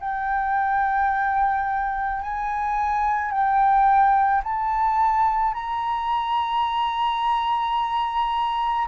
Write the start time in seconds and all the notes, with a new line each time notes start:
0.00 G5
2.22 G#5
3.31 G5
4.43 A5
5.54 A#5